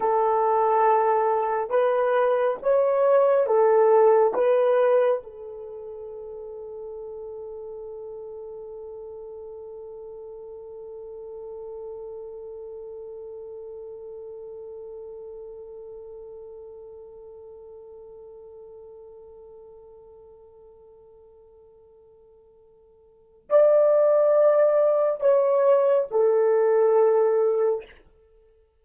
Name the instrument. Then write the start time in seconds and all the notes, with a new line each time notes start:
horn
0.00 A4
1.70 B4
2.62 C#5
3.46 A4
4.34 B4
5.23 A4
23.49 D5
25.20 C#5
26.10 A4